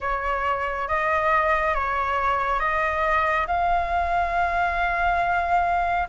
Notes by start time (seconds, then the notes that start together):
0.00 C#5
0.88 D#5
1.74 C#5
2.59 D#5
3.47 F5